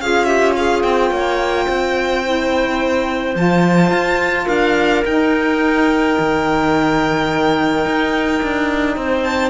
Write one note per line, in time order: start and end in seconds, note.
0.00 0.83 C#4
0.00 2.23 F4
0.00 0.27 G#4
0.00 0.24 F5
0.24 0.55 G4
0.24 0.52 E5
0.56 1.12 G#4
0.56 0.82 F5
0.82 1.10 C4
0.82 3.34 G5
1.10 1.66 A#3
1.10 1.66 C#5
1.66 3.35 C4
1.66 4.45 C5
2.23 3.35 E4
3.35 3.91 F3
3.35 5.03 F4
3.35 4.47 A5
3.91 4.47 F4
4.45 5.04 D4
4.45 8.94 A#4
4.45 5.04 F5
5.05 6.17 D#4
5.05 9.50 D#4
5.05 9.23 G5
6.18 7.85 D#3
7.85 8.41 D#4
8.42 8.96 D4
8.96 9.50 C4
8.96 9.50 C5
9.23 9.50 A5